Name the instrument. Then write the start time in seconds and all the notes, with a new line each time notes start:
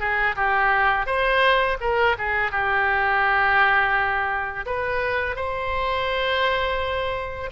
oboe
0.00 G#4
0.36 G4
1.06 C5
1.81 A#4
2.19 G#4
2.51 G4
4.66 B4
5.36 C5